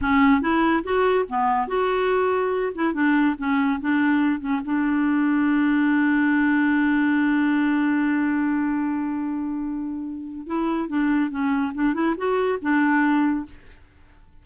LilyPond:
\new Staff \with { instrumentName = "clarinet" } { \time 4/4 \tempo 4 = 143 cis'4 e'4 fis'4 b4 | fis'2~ fis'8 e'8 d'4 | cis'4 d'4. cis'8 d'4~ | d'1~ |
d'1~ | d'1~ | d'4 e'4 d'4 cis'4 | d'8 e'8 fis'4 d'2 | }